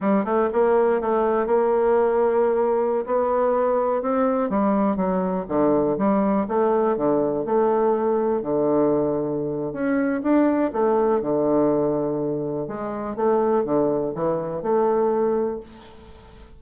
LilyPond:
\new Staff \with { instrumentName = "bassoon" } { \time 4/4 \tempo 4 = 123 g8 a8 ais4 a4 ais4~ | ais2~ ais16 b4.~ b16~ | b16 c'4 g4 fis4 d8.~ | d16 g4 a4 d4 a8.~ |
a4~ a16 d2~ d8. | cis'4 d'4 a4 d4~ | d2 gis4 a4 | d4 e4 a2 | }